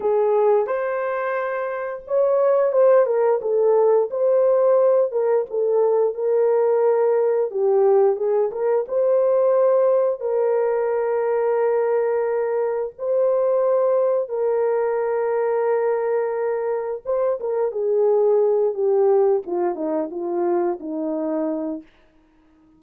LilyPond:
\new Staff \with { instrumentName = "horn" } { \time 4/4 \tempo 4 = 88 gis'4 c''2 cis''4 | c''8 ais'8 a'4 c''4. ais'8 | a'4 ais'2 g'4 | gis'8 ais'8 c''2 ais'4~ |
ais'2. c''4~ | c''4 ais'2.~ | ais'4 c''8 ais'8 gis'4. g'8~ | g'8 f'8 dis'8 f'4 dis'4. | }